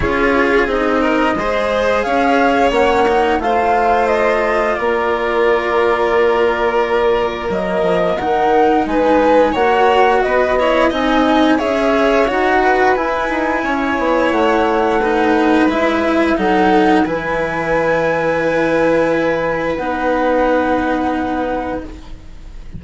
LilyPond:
<<
  \new Staff \with { instrumentName = "flute" } { \time 4/4 \tempo 4 = 88 cis''4 dis''2 f''4 | fis''4 f''4 dis''4 d''4~ | d''2. dis''4 | fis''4 gis''4 fis''4 dis''4 |
gis''4 e''4 fis''4 gis''4~ | gis''4 fis''2 e''4 | fis''4 gis''2.~ | gis''4 fis''2. | }
  \new Staff \with { instrumentName = "violin" } { \time 4/4 gis'4. ais'8 c''4 cis''4~ | cis''4 c''2 ais'4~ | ais'1~ | ais'4 b'4 cis''4 b'8 cis''8 |
dis''4 cis''4. b'4. | cis''2 b'2 | a'4 b'2.~ | b'1 | }
  \new Staff \with { instrumentName = "cello" } { \time 4/4 f'4 dis'4 gis'2 | cis'8 dis'8 f'2.~ | f'2. ais4 | dis'2 fis'4. e'8 |
dis'4 gis'4 fis'4 e'4~ | e'2 dis'4 e'4 | dis'4 e'2.~ | e'4 dis'2. | }
  \new Staff \with { instrumentName = "bassoon" } { \time 4/4 cis'4 c'4 gis4 cis'4 | ais4 a2 ais4~ | ais2. fis8 f8 | dis4 gis4 ais4 b4 |
c'4 cis'4 dis'4 e'8 dis'8 | cis'8 b8 a2 gis4 | fis4 e2.~ | e4 b2. | }
>>